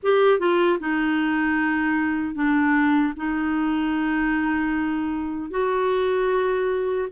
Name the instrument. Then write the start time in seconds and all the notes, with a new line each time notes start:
clarinet
0.03 G4
0.39 F4
0.79 D#4
2.34 D4
3.16 D#4
5.50 F#4